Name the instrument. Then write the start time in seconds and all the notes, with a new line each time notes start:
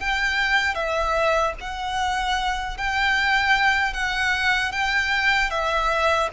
violin
0.00 G5
0.75 E5
1.61 F#5
2.77 G5
3.93 F#5
4.72 G5
5.50 E5